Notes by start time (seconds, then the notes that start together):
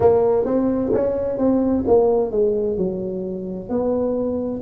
0.00 A#3
0.45 C4
0.93 C#4
1.38 C4
1.87 A#3
2.31 G#3
2.77 F#3
3.69 B3